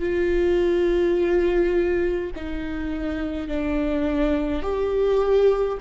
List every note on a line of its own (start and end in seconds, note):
0.00 2.31 F4
2.36 3.48 D#4
3.48 4.63 D4
4.63 5.78 G4